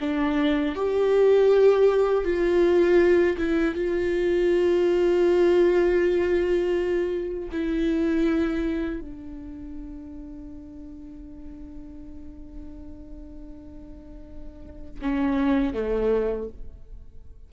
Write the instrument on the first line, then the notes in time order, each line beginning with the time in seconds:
viola
0.00 D4
0.75 G4
2.24 F4
3.38 E4
3.75 F4
7.51 E4
9.00 D4
15.01 C#4
15.74 A3